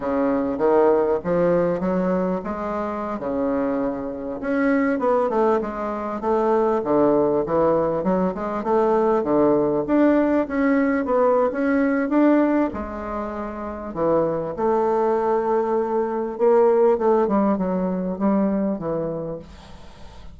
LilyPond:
\new Staff \with { instrumentName = "bassoon" } { \time 4/4 \tempo 4 = 99 cis4 dis4 f4 fis4 | gis4~ gis16 cis2 cis'8.~ | cis'16 b8 a8 gis4 a4 d8.~ | d16 e4 fis8 gis8 a4 d8.~ |
d16 d'4 cis'4 b8. cis'4 | d'4 gis2 e4 | a2. ais4 | a8 g8 fis4 g4 e4 | }